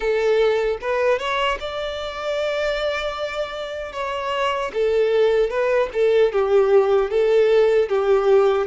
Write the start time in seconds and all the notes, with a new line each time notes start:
0.00 A4
0.81 B4
1.18 C#5
1.60 D5
3.92 C#5
4.73 A4
5.49 B4
5.93 A4
6.32 G4
7.10 A4
7.88 G4